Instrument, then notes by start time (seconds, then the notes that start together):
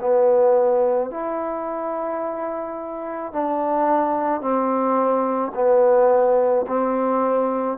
trombone
0.00 B3
1.11 E4
3.33 D4
4.41 C4
5.55 B3
6.68 C4